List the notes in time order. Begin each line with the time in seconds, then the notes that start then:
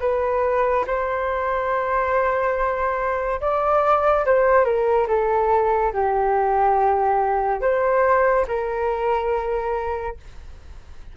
0.00 B4
0.87 C5
3.41 D5
4.25 C5
4.64 A#4
5.07 A4
5.93 G4
7.61 C5
8.48 A#4